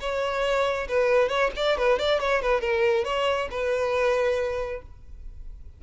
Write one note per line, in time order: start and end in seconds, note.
0.00 0.88 C#5
0.88 1.29 B4
1.29 1.51 C#5
1.56 1.78 D5
1.78 1.99 B4
1.99 2.20 D5
2.20 2.42 C#5
2.42 2.61 B4
2.61 3.04 A#4
3.04 3.48 C#5
3.51 4.82 B4